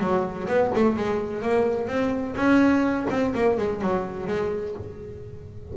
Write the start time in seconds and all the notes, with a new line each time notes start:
0.00 F#3
0.48 B3
0.75 A3
0.96 G#3
1.42 A#3
1.88 C4
2.36 C#4
3.10 C4
3.35 A#3
3.58 G#3
3.81 F#3
4.28 G#3